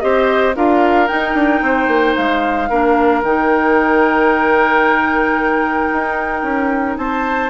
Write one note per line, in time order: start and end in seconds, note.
0.00 0.55 C4
0.00 0.54 G4
0.00 0.56 C5
0.00 0.54 D#5
0.55 1.09 D4
0.55 1.07 F4
0.55 1.63 A#4
0.55 1.08 F5
1.07 2.68 D#4
1.07 1.34 D#4
1.07 2.15 G5
1.34 1.61 D4
1.62 1.87 C4
1.62 2.69 C5
1.87 2.14 A#3
2.15 2.70 G#3
2.15 3.22 F5
2.69 3.22 A#3
2.69 3.24 D4
2.69 6.97 A#4
3.22 5.90 D#3
3.22 7.50 D#4
3.22 6.98 G5
5.92 6.43 D#4
6.43 6.96 C#4
6.97 7.50 C4
6.97 7.50 C5
6.97 7.50 A5